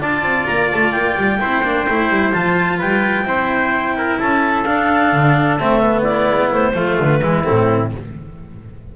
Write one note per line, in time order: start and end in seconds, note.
0.00 0.22 D4
0.00 1.40 F4
0.00 1.40 D5
0.00 0.46 A5
0.22 0.46 C4
0.46 0.72 A#3
0.46 0.69 A#5
0.71 0.92 A3
0.71 0.91 A5
0.91 1.15 A#3
0.91 2.31 G5
1.16 1.40 G3
1.40 1.63 C4
1.40 1.63 E4
1.40 2.78 C5
1.63 1.86 A#3
1.63 1.87 D4
1.88 2.09 A3
1.88 2.33 E4
2.09 2.32 G3
2.32 2.81 F3
2.32 3.25 F4
2.32 2.79 A5
2.78 3.23 G3
2.78 3.25 B4
2.78 4.20 G5
3.23 4.16 C4
3.23 4.64 E4
3.23 3.97 C5
3.98 4.20 A#4
4.20 4.66 C#4
4.20 6.04 A4
4.20 4.64 A5
4.64 5.12 D4
4.64 5.60 D4
4.64 5.57 F5
5.12 5.59 D3
5.59 6.30 A3
5.59 5.80 C4
5.59 6.03 E5
5.80 6.73 B3
6.03 6.74 E4
6.03 6.49 D5
6.30 6.52 G#3
6.52 6.74 A3
6.52 6.98 C5
6.74 6.98 F3
6.74 7.21 A3
6.74 7.22 F4
7.00 7.21 D3
7.00 7.43 B4
7.21 7.44 E3
7.21 7.44 G#3
7.21 7.92 E4
7.43 7.91 C4
7.43 7.90 A4
7.50 7.96 A2